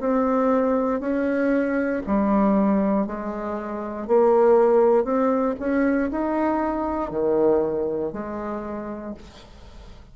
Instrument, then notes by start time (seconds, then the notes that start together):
bassoon
0.00 C4
1.00 C#4
2.07 G3
3.07 G#3
4.07 A#3
5.04 C4
5.59 C#4
6.11 D#4
7.11 D#3
8.13 G#3